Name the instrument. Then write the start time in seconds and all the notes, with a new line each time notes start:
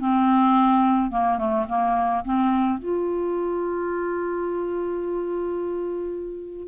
clarinet
0.00 C4
1.11 A#3
1.38 A3
1.68 A#3
2.24 C4
2.79 F4